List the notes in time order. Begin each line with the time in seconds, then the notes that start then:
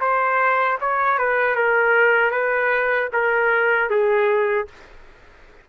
0.00 C5
0.80 C#5
1.18 B4
1.55 A#4
2.31 B4
3.12 A#4
3.90 G#4